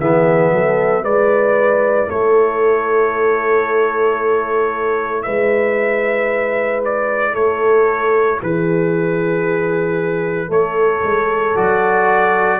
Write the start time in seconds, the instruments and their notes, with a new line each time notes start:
0.00 tuba E3, trombone B3, horn G#4, trumpet E5
0.52 tuba F#3, horn A4
1.03 tuba G#3, trombone E4, horn B4, trumpet D5
2.07 tuba A3, horn A4, trumpet C#5
5.23 tuba G#3, horn B4, trumpet E5
6.85 trumpet D5
7.33 tuba A3, horn A4, trumpet C#5
8.42 tuba E3, horn G#4, trumpet B4
10.48 tuba A3, horn A4, trumpet C#5
11.04 tuba G#3
11.55 tuba F#3, trombone F#4, trumpet D5